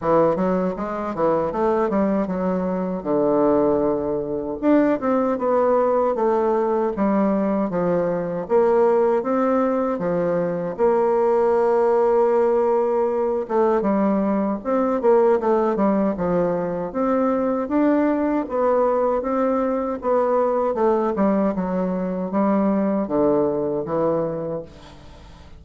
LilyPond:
\new Staff \with { instrumentName = "bassoon" } { \time 4/4 \tempo 4 = 78 e8 fis8 gis8 e8 a8 g8 fis4 | d2 d'8 c'8 b4 | a4 g4 f4 ais4 | c'4 f4 ais2~ |
ais4. a8 g4 c'8 ais8 | a8 g8 f4 c'4 d'4 | b4 c'4 b4 a8 g8 | fis4 g4 d4 e4 | }